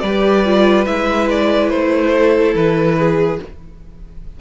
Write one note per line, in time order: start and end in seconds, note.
0.00 0.87 G3
0.00 0.45 G4
0.00 2.15 B4
0.00 0.85 D5
0.45 0.86 F4
0.85 1.72 G#3
0.85 3.40 E4
0.85 1.27 E5
1.30 1.69 D5
1.69 2.54 A3
1.69 2.54 C5
2.15 2.98 A4
2.54 3.39 E3
2.54 3.40 B4
2.98 3.40 G#4